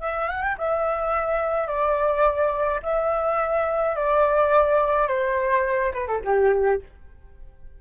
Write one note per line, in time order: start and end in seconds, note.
0.00 0.28 E5
0.28 0.42 F#5
0.42 0.56 G5
0.58 1.67 E5
1.67 2.80 D5
2.82 3.95 E5
3.95 5.07 D5
5.07 5.92 C5
5.93 6.07 B4
6.07 6.21 A4
6.24 6.81 G4